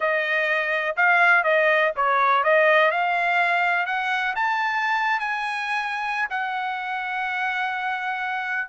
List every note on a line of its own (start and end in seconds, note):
0.00 0.96 D#5
0.96 1.43 F5
1.43 1.92 D#5
1.96 2.43 C#5
2.43 2.91 D#5
2.91 3.86 F5
3.86 4.34 F#5
4.35 5.19 A5
5.19 6.28 G#5
6.29 8.69 F#5